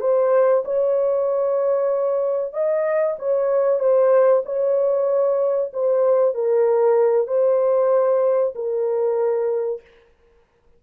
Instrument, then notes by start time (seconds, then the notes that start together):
horn
0.00 C5
0.64 C#5
2.53 D#5
3.18 C#5
3.79 C5
4.45 C#5
5.73 C5
6.34 A#4
7.27 C5
8.55 A#4